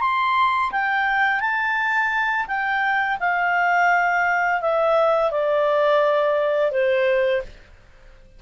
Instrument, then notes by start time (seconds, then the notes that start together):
clarinet
0.00 C6
0.71 G5
1.40 A5
2.47 G5
3.19 F5
4.61 E5
5.31 D5
6.71 C5